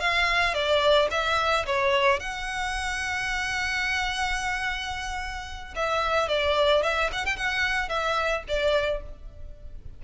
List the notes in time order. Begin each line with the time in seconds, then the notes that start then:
0.00 F5
0.54 D5
1.11 E5
1.66 C#5
2.20 F#5
5.76 E5
6.28 D5
6.83 E5
7.13 F#5
7.26 G5
7.37 F#5
7.89 E5
8.48 D5